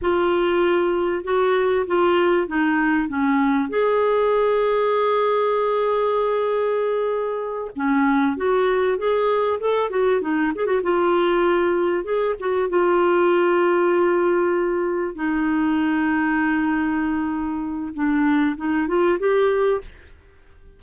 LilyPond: \new Staff \with { instrumentName = "clarinet" } { \time 4/4 \tempo 4 = 97 f'2 fis'4 f'4 | dis'4 cis'4 gis'2~ | gis'1~ | gis'8 cis'4 fis'4 gis'4 a'8 |
fis'8 dis'8 gis'16 fis'16 f'2 gis'8 | fis'8 f'2.~ f'8~ | f'8 dis'2.~ dis'8~ | dis'4 d'4 dis'8 f'8 g'4 | }